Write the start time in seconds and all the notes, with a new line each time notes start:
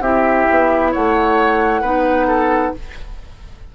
0.00 C4 E4 G4 E5
0.50 B3
0.92 A3 C#5 F#5
1.81 B3 D#4 B4
2.28 A4